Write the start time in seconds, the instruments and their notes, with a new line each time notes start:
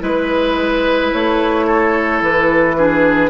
0.00 bassoon G#3, clarinet E4, oboe B4, flute B4
1.13 bassoon A3, flute C#5
1.66 oboe A4
2.21 bassoon E3, flute B4
2.78 clarinet D4, oboe G#4